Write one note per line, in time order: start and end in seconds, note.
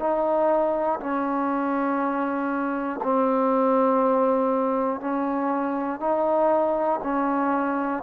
0.00 1.00 D#4
1.00 3.00 C#4
3.03 5.01 C4
5.01 6.00 C#4
6.00 7.00 D#4
7.03 8.03 C#4